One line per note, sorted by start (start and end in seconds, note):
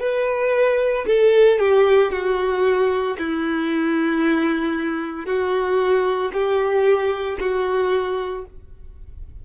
0.00 1.05 B4
1.07 1.59 A4
1.59 2.12 G4
2.12 3.17 F#4
3.19 5.26 E4
5.26 6.31 F#4
6.33 7.39 G4
7.40 8.45 F#4